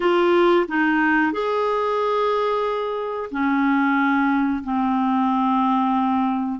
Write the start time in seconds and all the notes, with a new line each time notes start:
0.00 F4
0.67 D#4
1.32 G#4
3.31 C#4
4.63 C4